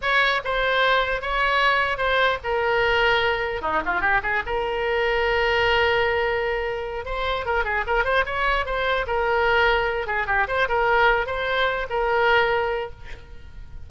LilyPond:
\new Staff \with { instrumentName = "oboe" } { \time 4/4 \tempo 4 = 149 cis''4 c''2 cis''4~ | cis''4 c''4 ais'2~ | ais'4 dis'8 f'8 g'8 gis'8 ais'4~ | ais'1~ |
ais'4. c''4 ais'8 gis'8 ais'8 | c''8 cis''4 c''4 ais'4.~ | ais'4 gis'8 g'8 c''8 ais'4. | c''4. ais'2~ ais'8 | }